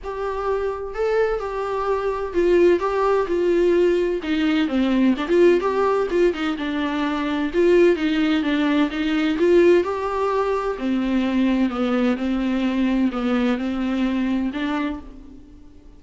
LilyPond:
\new Staff \with { instrumentName = "viola" } { \time 4/4 \tempo 4 = 128 g'2 a'4 g'4~ | g'4 f'4 g'4 f'4~ | f'4 dis'4 c'4 d'16 f'8. | g'4 f'8 dis'8 d'2 |
f'4 dis'4 d'4 dis'4 | f'4 g'2 c'4~ | c'4 b4 c'2 | b4 c'2 d'4 | }